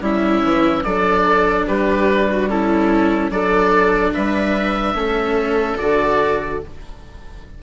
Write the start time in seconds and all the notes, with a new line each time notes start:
0.00 G3 C#4 E4 E5
0.44 E3
0.83 F#3 D4 A4 D5
1.67 G3 G4 B4
2.29 F#4
2.49 C#4 E4 A4
3.30 F#3 D4 A4 D5
4.13 G3 B4 E5
4.94 A3 C#4 A4
5.77 D3 F#4 D5